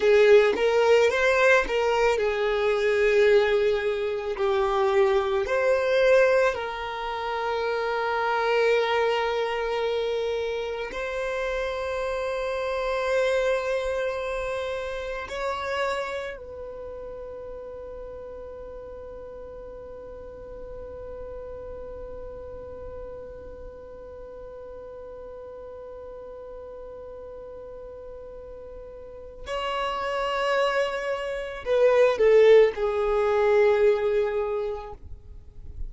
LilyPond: \new Staff \with { instrumentName = "violin" } { \time 4/4 \tempo 4 = 55 gis'8 ais'8 c''8 ais'8 gis'2 | g'4 c''4 ais'2~ | ais'2 c''2~ | c''2 cis''4 b'4~ |
b'1~ | b'1~ | b'2. cis''4~ | cis''4 b'8 a'8 gis'2 | }